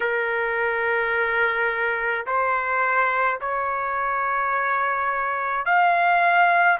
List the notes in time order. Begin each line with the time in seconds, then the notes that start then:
0.00 A#4
2.26 C5
3.41 C#5
5.65 F5